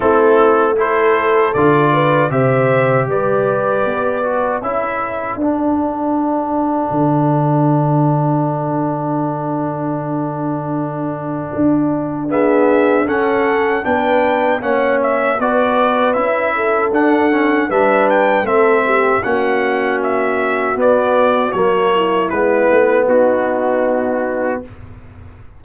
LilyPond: <<
  \new Staff \with { instrumentName = "trumpet" } { \time 4/4 \tempo 4 = 78 a'4 c''4 d''4 e''4 | d''2 e''4 fis''4~ | fis''1~ | fis''1 |
e''4 fis''4 g''4 fis''8 e''8 | d''4 e''4 fis''4 e''8 g''8 | e''4 fis''4 e''4 d''4 | cis''4 b'4 fis'2 | }
  \new Staff \with { instrumentName = "horn" } { \time 4/4 e'4 a'4. b'8 c''4 | b'2 a'2~ | a'1~ | a'1 |
gis'4 a'4 b'4 cis''4 | b'4. a'4. b'4 | a'8 g'8 fis'2.~ | fis'8 e'4. dis'2 | }
  \new Staff \with { instrumentName = "trombone" } { \time 4/4 c'4 e'4 f'4 g'4~ | g'4. fis'8 e'4 d'4~ | d'1~ | d'1 |
b4 cis'4 d'4 cis'4 | fis'4 e'4 d'8 cis'8 d'4 | c'4 cis'2 b4 | ais4 b2. | }
  \new Staff \with { instrumentName = "tuba" } { \time 4/4 a2 d4 c4 | g4 b4 cis'4 d'4~ | d'4 d2.~ | d2. d'4~ |
d'4 cis'4 b4 ais4 | b4 cis'4 d'4 g4 | a4 ais2 b4 | fis4 gis8 a8 b2 | }
>>